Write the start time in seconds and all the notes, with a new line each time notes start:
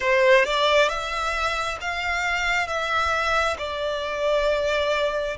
0.00 C5
0.44 D5
0.88 E5
1.81 F5
2.67 E5
3.58 D5